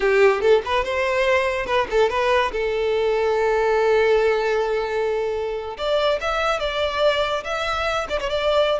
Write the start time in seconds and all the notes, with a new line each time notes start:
0.00 G4
0.41 A4
0.65 B4
0.84 C5
1.66 B4
1.90 A4
2.09 B4
2.52 A4
5.77 D5
6.20 E5
6.59 D5
7.44 E5
8.09 D5
8.20 C#5
8.29 D5